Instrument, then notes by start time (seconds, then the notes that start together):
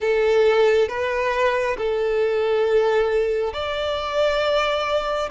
violin
0.00 A4
0.88 B4
1.77 A4
3.53 D5